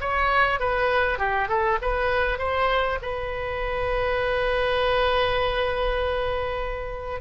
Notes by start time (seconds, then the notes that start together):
0.00 C#5
0.59 B4
1.18 G4
1.48 A4
1.81 B4
2.38 C5
3.02 B4